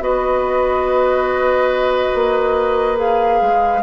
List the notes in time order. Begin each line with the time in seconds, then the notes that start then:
0.00 B3 F#4 B4 D#5
2.14 A#3
2.95 G#4 F5
3.41 G#3